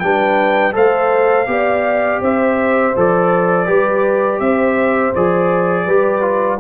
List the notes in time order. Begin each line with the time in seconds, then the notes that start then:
0.00 G3 D4 B4 G5
0.73 A3 A4 C5 F5
1.46 B3 G4 D5
2.21 C4 C5 E5
2.96 F3 A4 D5
3.66 G3 G4 B4
4.40 C4 C5 E5
5.15 F3 G#4 D5
5.85 G3 G4 B4
6.21 F4